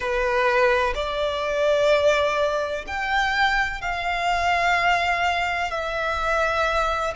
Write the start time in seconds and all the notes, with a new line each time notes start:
0.00 B4
0.94 D5
2.86 G5
3.81 F5
5.71 E5